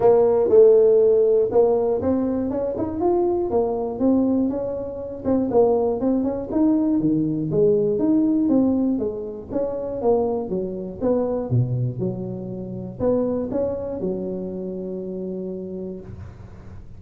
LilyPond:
\new Staff \with { instrumentName = "tuba" } { \time 4/4 \tempo 4 = 120 ais4 a2 ais4 | c'4 cis'8 dis'8 f'4 ais4 | c'4 cis'4. c'8 ais4 | c'8 cis'8 dis'4 dis4 gis4 |
dis'4 c'4 gis4 cis'4 | ais4 fis4 b4 b,4 | fis2 b4 cis'4 | fis1 | }